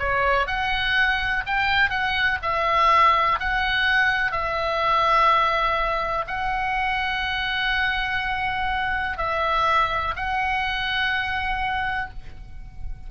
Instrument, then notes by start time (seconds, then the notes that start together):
oboe
0.00 C#5
0.47 F#5
1.47 G5
1.90 F#5
2.43 E5
3.40 F#5
4.32 E5
6.28 F#5
9.18 E5
10.17 F#5